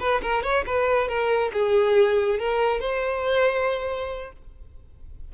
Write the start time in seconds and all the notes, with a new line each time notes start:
0.00 B4
0.22 A#4
0.43 C#5
0.66 B4
1.08 A#4
1.53 G#4
2.39 A#4
2.80 C5